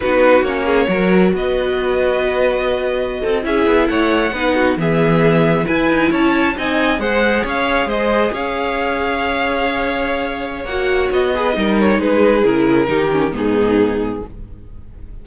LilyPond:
<<
  \new Staff \with { instrumentName = "violin" } { \time 4/4 \tempo 4 = 135 b'4 cis''2 dis''4~ | dis''2.~ dis''8. e''16~ | e''8. fis''2 e''4~ e''16~ | e''8. gis''4 a''4 gis''4 fis''16~ |
fis''8. f''4 dis''4 f''4~ f''16~ | f''1 | fis''4 dis''4. cis''8 b'4 | ais'2 gis'2 | }
  \new Staff \with { instrumentName = "violin" } { \time 4/4 fis'4. gis'8 ais'4 b'4~ | b'2.~ b'16 a'8 gis'16~ | gis'8. cis''4 b'8 fis'8 gis'4~ gis'16~ | gis'8. b'4 cis''4 dis''4 c''16~ |
c''8. cis''4 c''4 cis''4~ cis''16~ | cis''1~ | cis''4. b'8 ais'4 gis'4~ | gis'4 g'4 dis'2 | }
  \new Staff \with { instrumentName = "viola" } { \time 4/4 dis'4 cis'4 fis'2~ | fis'2.~ fis'8. e'16~ | e'4.~ e'16 dis'4 b4~ b16~ | b8. e'2 dis'4 gis'16~ |
gis'1~ | gis'1 | fis'4. gis'8 dis'2 | e'4 dis'8 cis'8 b2 | }
  \new Staff \with { instrumentName = "cello" } { \time 4/4 b4 ais4 fis4 b4~ | b2.~ b16 c'8 cis'16~ | cis'16 b8 a4 b4 e4~ e16~ | e8. e'8 dis'8 cis'4 c'4 gis16~ |
gis8. cis'4 gis4 cis'4~ cis'16~ | cis'1 | ais4 b4 g4 gis4 | cis4 dis4 gis,2 | }
>>